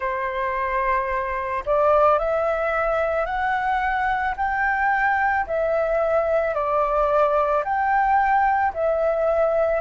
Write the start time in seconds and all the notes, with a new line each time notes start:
0.00 C5
1.65 D5
2.18 E5
3.25 F#5
4.36 G5
5.46 E5
6.54 D5
7.64 G5
8.73 E5